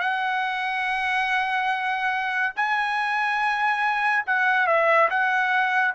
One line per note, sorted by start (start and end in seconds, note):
0.00 2.54 F#5
2.56 4.25 G#5
4.26 4.67 F#5
4.67 5.09 E5
5.10 5.95 F#5